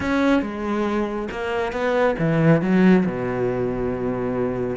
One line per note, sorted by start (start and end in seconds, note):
0.00 0.42 C#4
0.42 1.28 G#3
1.31 1.72 A#3
1.72 2.15 B3
2.18 2.61 E3
2.61 3.04 F#3
3.05 4.76 B2